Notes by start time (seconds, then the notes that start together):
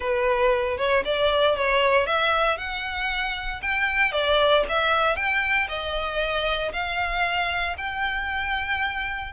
0.00 B4
0.77 C#5
1.04 D5
1.56 C#5
2.06 E5
2.57 F#5
3.62 G5
4.12 D5
4.69 E5
5.16 G5
5.68 D#5
6.72 F5
7.77 G5